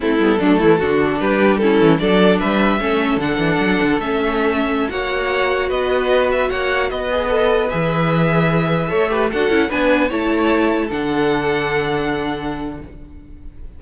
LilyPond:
<<
  \new Staff \with { instrumentName = "violin" } { \time 4/4 \tempo 4 = 150 a'2. b'4 | a'4 d''4 e''2 | fis''2 e''2~ | e''16 fis''2 dis''4. e''16~ |
e''16 fis''4 dis''2 e''8.~ | e''2.~ e''16 fis''8.~ | fis''16 gis''4 a''2 fis''8.~ | fis''1 | }
  \new Staff \with { instrumentName = "violin" } { \time 4/4 e'4 d'8 e'8 fis'4 g'4 | e'4 a'4 b'4 a'4~ | a'1~ | a'16 cis''2 b'4.~ b'16~ |
b'16 cis''4 b'2~ b'8.~ | b'2~ b'16 cis''8 b'8 a'8.~ | a'16 b'4 cis''2 a'8.~ | a'1 | }
  \new Staff \with { instrumentName = "viola" } { \time 4/4 c'8 b8 a4 d'2 | cis'4 d'2 cis'4 | d'2 cis'2~ | cis'16 fis'2.~ fis'8.~ |
fis'4.~ fis'16 gis'8 a'4 gis'8.~ | gis'2~ gis'16 a'8 g'8 fis'8 e'16~ | e'16 d'4 e'2 d'8.~ | d'1 | }
  \new Staff \with { instrumentName = "cello" } { \time 4/4 a8 g8 fis8 e8 d4 g4~ | g8 e8 fis4 g4 a4 | d8 e8 fis8 d8 a2~ | a16 ais2 b4.~ b16~ |
b16 ais4 b2 e8.~ | e2~ e16 a4 d'8 cis'16~ | cis'16 b4 a2 d8.~ | d1 | }
>>